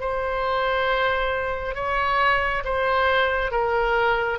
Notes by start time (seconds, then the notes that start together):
0.00 C5
1.75 C#5
2.64 C5
3.51 A#4